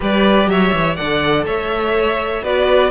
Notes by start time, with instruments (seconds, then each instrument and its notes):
0.00 cello G3, viola G4, violin B4 D5
0.46 cello F#3, violin C#5 E5
0.73 cello E3
0.95 cello D3, viola A4, violin D5 F#5
1.45 cello A3, violin C#5 E5
2.43 cello B3, viola F#4, violin B4 D5